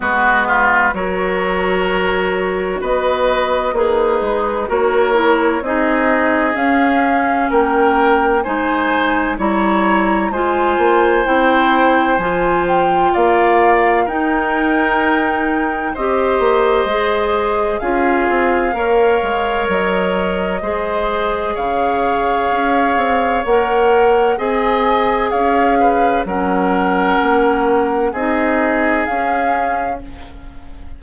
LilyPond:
<<
  \new Staff \with { instrumentName = "flute" } { \time 4/4 \tempo 4 = 64 b'4 cis''2 dis''4 | b'4 cis''4 dis''4 f''4 | g''4 gis''4 ais''4 gis''4 | g''4 gis''8 g''8 f''4 g''4~ |
g''4 dis''2 f''4~ | f''4 dis''2 f''4~ | f''4 fis''4 gis''4 f''4 | fis''2 dis''4 f''4 | }
  \new Staff \with { instrumentName = "oboe" } { \time 4/4 fis'8 f'8 ais'2 b'4 | dis'4 ais'4 gis'2 | ais'4 c''4 cis''4 c''4~ | c''2 d''4 ais'4~ |
ais'4 c''2 gis'4 | cis''2 c''4 cis''4~ | cis''2 dis''4 cis''8 b'8 | ais'2 gis'2 | }
  \new Staff \with { instrumentName = "clarinet" } { \time 4/4 b4 fis'2. | gis'4 fis'8 e'8 dis'4 cis'4~ | cis'4 dis'4 e'4 f'4 | e'4 f'2 dis'4~ |
dis'4 g'4 gis'4 f'4 | ais'2 gis'2~ | gis'4 ais'4 gis'2 | cis'2 dis'4 cis'4 | }
  \new Staff \with { instrumentName = "bassoon" } { \time 4/4 gis4 fis2 b4 | ais8 gis8 ais4 c'4 cis'4 | ais4 gis4 g4 gis8 ais8 | c'4 f4 ais4 dis'4~ |
dis'4 c'8 ais8 gis4 cis'8 c'8 | ais8 gis8 fis4 gis4 cis4 | cis'8 c'8 ais4 c'4 cis'4 | fis4 ais4 c'4 cis'4 | }
>>